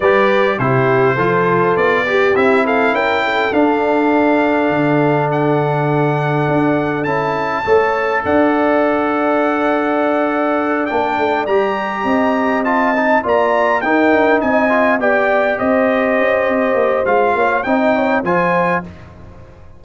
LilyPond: <<
  \new Staff \with { instrumentName = "trumpet" } { \time 4/4 \tempo 4 = 102 d''4 c''2 d''4 | e''8 f''8 g''4 f''2~ | f''4 fis''2. | a''2 fis''2~ |
fis''2~ fis''8 g''4 ais''8~ | ais''4. a''4 ais''4 g''8~ | g''8 gis''4 g''4 dis''4.~ | dis''4 f''4 g''4 gis''4 | }
  \new Staff \with { instrumentName = "horn" } { \time 4/4 b'4 g'4 a'4. g'8~ | g'8 a'8 ais'8 a'2~ a'8~ | a'1~ | a'4 cis''4 d''2~ |
d''1~ | d''8 dis''2 d''4 ais'8~ | ais'8 dis''4 d''4 c''4.~ | c''4. cis''8 dis''8 cis''8 c''4 | }
  \new Staff \with { instrumentName = "trombone" } { \time 4/4 g'4 e'4 f'4. g'8 | e'2 d'2~ | d'1 | e'4 a'2.~ |
a'2~ a'8 d'4 g'8~ | g'4. f'8 dis'8 f'4 dis'8~ | dis'4 f'8 g'2~ g'8~ | g'4 f'4 dis'4 f'4 | }
  \new Staff \with { instrumentName = "tuba" } { \time 4/4 g4 c4 f4 b4 | c'4 cis'4 d'2 | d2. d'4 | cis'4 a4 d'2~ |
d'2~ d'8 ais8 a8 g8~ | g8 c'2 ais4 dis'8 | d'8 c'4 b4 c'4 cis'8 | c'8 ais8 gis8 ais8 c'4 f4 | }
>>